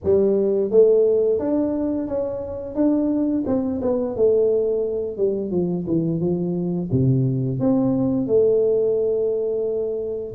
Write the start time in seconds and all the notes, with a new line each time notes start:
0.04 G3
0.71 A3
1.39 D4
2.07 C#4
2.75 D4
3.46 C4
3.81 B3
4.15 A3
5.17 G3
5.50 F3
5.87 E3
6.20 F3
6.91 C3
7.59 C4
8.27 A3